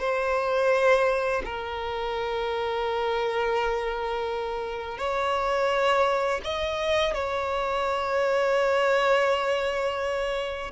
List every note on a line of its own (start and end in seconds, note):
0.00 1.43 C5
1.45 4.98 A#4
4.98 6.41 C#5
6.44 7.15 D#5
7.15 10.72 C#5